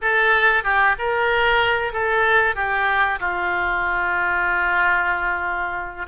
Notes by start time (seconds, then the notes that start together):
0.01 A4
0.63 G4
0.98 A#4
1.92 A4
2.55 G4
3.19 F4